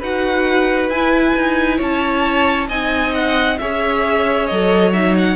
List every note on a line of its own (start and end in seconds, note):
0.00 0.89 D#4
0.00 0.92 F#4
0.00 1.78 B4
0.00 0.90 F#5
0.89 1.34 E4
0.89 2.70 E4
0.89 1.79 G#5
1.35 1.80 D#4
1.78 2.70 C#4
1.78 2.68 C#5
1.78 2.68 A5
2.68 3.59 C4
2.68 3.60 D#4
2.68 3.58 D#5
2.68 3.13 G#5
3.15 3.59 F#5
3.59 4.51 C#4
3.59 4.51 G#4
3.59 5.36 C#5
3.59 4.47 E5
4.47 5.36 F#3
4.47 4.94 A4
4.47 4.91 D#5
4.93 5.36 D#4
4.93 5.15 E5
5.18 5.36 F#5